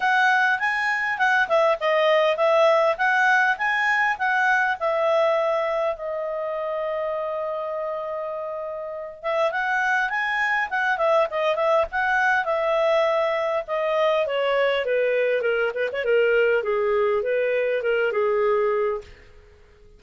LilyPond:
\new Staff \with { instrumentName = "clarinet" } { \time 4/4 \tempo 4 = 101 fis''4 gis''4 fis''8 e''8 dis''4 | e''4 fis''4 gis''4 fis''4 | e''2 dis''2~ | dis''2.~ dis''8 e''8 |
fis''4 gis''4 fis''8 e''8 dis''8 e''8 | fis''4 e''2 dis''4 | cis''4 b'4 ais'8 b'16 cis''16 ais'4 | gis'4 b'4 ais'8 gis'4. | }